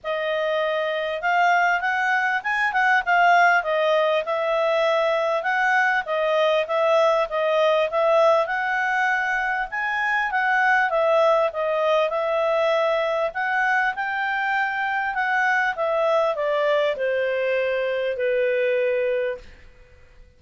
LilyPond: \new Staff \with { instrumentName = "clarinet" } { \time 4/4 \tempo 4 = 99 dis''2 f''4 fis''4 | gis''8 fis''8 f''4 dis''4 e''4~ | e''4 fis''4 dis''4 e''4 | dis''4 e''4 fis''2 |
gis''4 fis''4 e''4 dis''4 | e''2 fis''4 g''4~ | g''4 fis''4 e''4 d''4 | c''2 b'2 | }